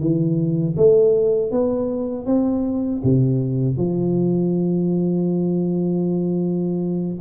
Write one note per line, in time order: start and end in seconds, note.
0.00 0.76 E3
0.77 1.51 A3
1.51 2.26 B3
2.26 3.02 C4
3.03 3.77 C3
3.77 7.19 F3